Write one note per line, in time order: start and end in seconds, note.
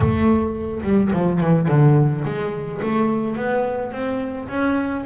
0.00 0.81 A3
0.83 1.11 G3
1.12 1.40 F3
1.40 1.67 E3
1.67 2.24 D3
2.24 2.80 G#3
2.82 3.36 A3
3.36 3.92 B3
3.92 4.48 C4
4.48 5.04 C#4